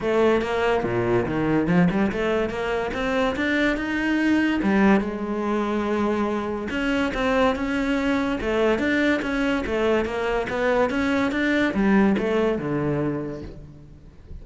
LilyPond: \new Staff \with { instrumentName = "cello" } { \time 4/4 \tempo 4 = 143 a4 ais4 ais,4 dis4 | f8 g8 a4 ais4 c'4 | d'4 dis'2 g4 | gis1 |
cis'4 c'4 cis'2 | a4 d'4 cis'4 a4 | ais4 b4 cis'4 d'4 | g4 a4 d2 | }